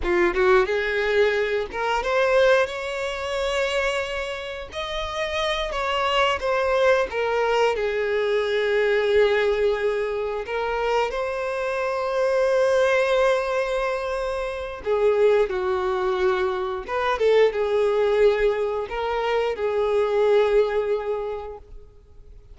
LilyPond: \new Staff \with { instrumentName = "violin" } { \time 4/4 \tempo 4 = 89 f'8 fis'8 gis'4. ais'8 c''4 | cis''2. dis''4~ | dis''8 cis''4 c''4 ais'4 gis'8~ | gis'2.~ gis'8 ais'8~ |
ais'8 c''2.~ c''8~ | c''2 gis'4 fis'4~ | fis'4 b'8 a'8 gis'2 | ais'4 gis'2. | }